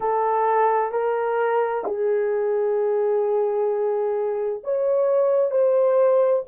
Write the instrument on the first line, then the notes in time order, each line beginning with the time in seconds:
horn
0.00 A4
0.91 A#4
1.85 G#4
4.63 C#5
5.50 C5